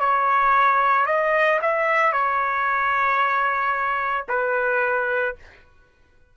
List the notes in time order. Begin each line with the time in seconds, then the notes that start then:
0.00 C#5
1.07 D#5
1.62 E5
2.12 C#5
4.29 B4